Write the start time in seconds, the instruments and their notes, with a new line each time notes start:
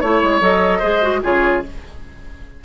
0.00 bassoon A3, clarinet E4, flute C#5, oboe C#5
0.23 bassoon G#3
0.41 bassoon F#3, clarinet A4, flute D#5
0.79 bassoon G#3, clarinet G#4, oboe C5
1.03 clarinet F#4
1.23 bassoon C#3, clarinet F4, oboe G#4, flute C#5